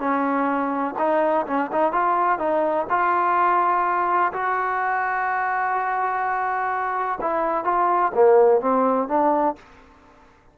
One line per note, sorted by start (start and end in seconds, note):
0.00 0.95 C#4
0.99 1.46 D#4
1.47 1.71 C#4
1.72 1.93 D#4
1.93 2.39 F4
2.39 2.87 D#4
2.90 4.33 F4
4.33 7.19 F#4
7.21 7.65 E4
7.65 8.12 F4
8.15 8.61 A#3
8.61 9.08 C4
9.08 9.56 D4